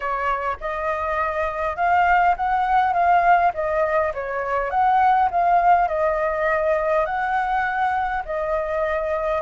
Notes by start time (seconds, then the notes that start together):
0.00 C#5
0.60 D#5
1.76 F5
2.36 F#5
2.93 F5
3.53 D#5
4.14 C#5
4.70 F#5
5.30 F5
5.88 D#5
7.05 F#5
8.25 D#5